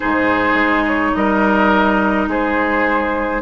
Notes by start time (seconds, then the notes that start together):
0.00 G#2 D#4 G#4 C5
0.54 G#3
0.87 C#5
1.15 G3 A#4 D#5
2.27 G#3 G#4 C5